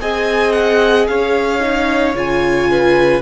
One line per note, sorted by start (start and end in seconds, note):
0.00 1.08 C4
0.00 1.60 G#4
0.00 1.08 D#5
0.00 0.52 G#5
0.52 1.06 F#5
1.07 2.15 C#4
1.07 2.71 C#5
1.07 2.15 F5
1.60 2.14 D#4
2.15 3.22 C#3
2.15 3.22 F4
2.15 3.22 G#5
2.71 3.22 B4